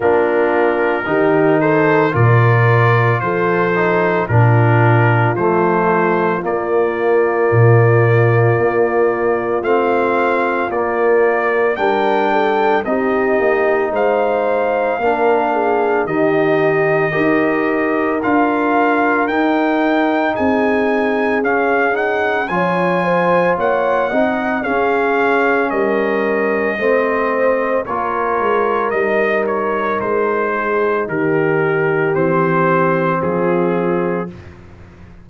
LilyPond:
<<
  \new Staff \with { instrumentName = "trumpet" } { \time 4/4 \tempo 4 = 56 ais'4. c''8 d''4 c''4 | ais'4 c''4 d''2~ | d''4 f''4 d''4 g''4 | dis''4 f''2 dis''4~ |
dis''4 f''4 g''4 gis''4 | f''8 fis''8 gis''4 fis''4 f''4 | dis''2 cis''4 dis''8 cis''8 | c''4 ais'4 c''4 gis'4 | }
  \new Staff \with { instrumentName = "horn" } { \time 4/4 f'4 g'8 a'8 ais'4 a'4 | f'1~ | f'2. ais'8 a'8 | g'4 c''4 ais'8 gis'8 g'4 |
ais'2. gis'4~ | gis'4 cis''8 c''8 cis''8 dis''8 gis'4 | ais'4 c''4 ais'2~ | ais'8 gis'8 g'2 f'4 | }
  \new Staff \with { instrumentName = "trombone" } { \time 4/4 d'4 dis'4 f'4. dis'8 | d'4 a4 ais2~ | ais4 c'4 ais4 d'4 | dis'2 d'4 dis'4 |
g'4 f'4 dis'2 | cis'8 dis'8 f'4. dis'8 cis'4~ | cis'4 c'4 f'4 dis'4~ | dis'2 c'2 | }
  \new Staff \with { instrumentName = "tuba" } { \time 4/4 ais4 dis4 ais,4 f4 | ais,4 f4 ais4 ais,4 | ais4 a4 ais4 g4 | c'8 ais8 gis4 ais4 dis4 |
dis'4 d'4 dis'4 c'4 | cis'4 f4 ais8 c'8 cis'4 | g4 a4 ais8 gis8 g4 | gis4 dis4 e4 f4 | }
>>